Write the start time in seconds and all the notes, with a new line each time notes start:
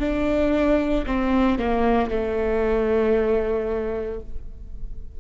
0.00 D4
1.07 C4
1.59 A#3
2.10 A3